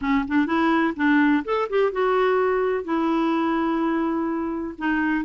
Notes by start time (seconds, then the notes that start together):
0.01 C#4
0.28 D4
0.46 E4
0.96 D4
1.44 A4
1.69 G4
1.92 F#4
2.84 E4
4.78 D#4